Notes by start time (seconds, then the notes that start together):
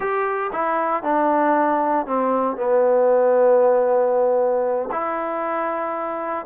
0.00 G4
0.52 E4
1.03 D4
2.06 C4
2.56 B3
4.91 E4